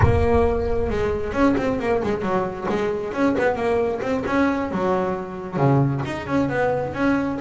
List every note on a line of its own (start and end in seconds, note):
0.02 0.90 A#3
0.90 1.32 G#3
1.32 1.55 C#4
1.57 1.79 C4
1.79 2.02 A#3
2.03 2.22 G#3
2.22 2.66 F#3
2.69 3.13 G#3
3.13 3.35 C#4
3.38 3.55 B3
3.55 4.00 A#3
4.01 4.23 C4
4.26 4.71 C#4
4.71 5.56 F#3
5.56 6.01 C#3
6.05 6.26 D#4
6.26 6.49 C#4
6.49 6.93 B3
6.93 7.38 C#4